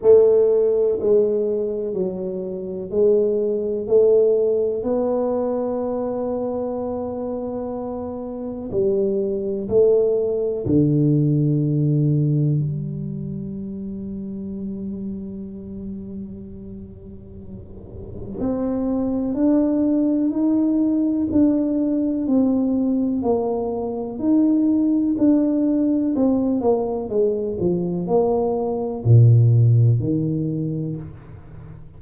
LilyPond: \new Staff \with { instrumentName = "tuba" } { \time 4/4 \tempo 4 = 62 a4 gis4 fis4 gis4 | a4 b2.~ | b4 g4 a4 d4~ | d4 g2.~ |
g2. c'4 | d'4 dis'4 d'4 c'4 | ais4 dis'4 d'4 c'8 ais8 | gis8 f8 ais4 ais,4 dis4 | }